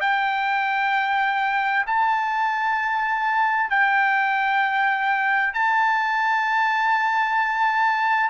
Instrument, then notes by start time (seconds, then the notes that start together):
trumpet
0.00 G5
1.86 A5
3.70 G5
5.53 A5